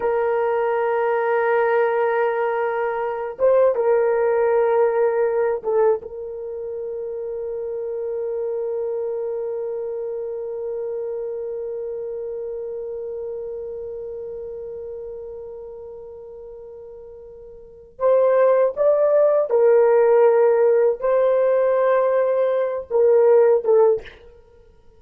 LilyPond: \new Staff \with { instrumentName = "horn" } { \time 4/4 \tempo 4 = 80 ais'1~ | ais'8 c''8 ais'2~ ais'8 a'8 | ais'1~ | ais'1~ |
ais'1~ | ais'1 | c''4 d''4 ais'2 | c''2~ c''8 ais'4 a'8 | }